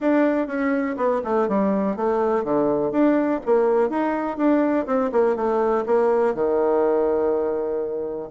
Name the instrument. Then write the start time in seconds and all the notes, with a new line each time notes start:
bassoon
0.00 D4
0.47 C#4
0.96 B3
1.24 A3
1.48 G3
1.96 A3
2.44 D3
2.91 D4
3.45 A#3
3.89 D#4
4.37 D4
4.86 C4
5.12 A#3
5.35 A3
5.86 A#3
6.34 D#3